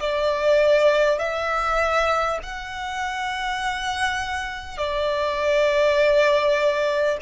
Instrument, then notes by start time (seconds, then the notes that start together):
violin
0.00 D5
1.18 E5
2.43 F#5
4.77 D5